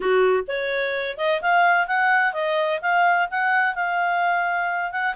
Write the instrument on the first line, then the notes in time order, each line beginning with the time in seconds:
clarinet
0.00 F#4
0.47 C#5
1.17 D#5
1.41 F5
1.87 F#5
2.33 D#5
2.81 F5
3.30 F#5
3.74 F5
4.91 F#5